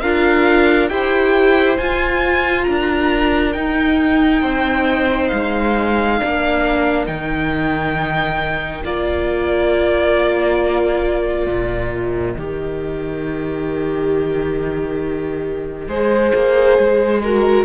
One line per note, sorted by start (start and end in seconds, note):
0.00 0.90 D4
0.00 0.90 F4
0.00 0.90 A#4
0.00 0.88 F5
0.89 1.78 E4
0.89 1.78 G4
0.89 2.67 C5
0.89 1.77 G5
1.77 2.67 F4
1.77 3.55 F4
1.77 2.63 G#5
2.63 3.55 D4
2.63 4.42 A#4
2.63 3.52 A#5
3.52 4.43 D#4
3.52 6.19 D#4
3.52 5.28 G5
4.42 5.31 C4
4.42 6.18 C5
5.28 6.21 G#3
5.28 7.05 F5
6.18 7.08 A#3
6.18 7.06 D4
6.18 15.88 A#4
7.06 8.84 D#3
7.06 8.83 D#4
7.06 8.83 G5
8.84 11.47 A#3
8.84 12.37 F4
8.84 11.93 D5
11.47 12.35 A#2
11.93 17.65 D#5
12.37 15.88 D#3
12.37 15.89 G4
15.88 16.32 G#3
15.88 17.22 G#4
15.88 17.21 C5
16.35 16.78 A#3
16.78 17.65 G#3
17.23 17.65 F#4
17.23 17.65 A#4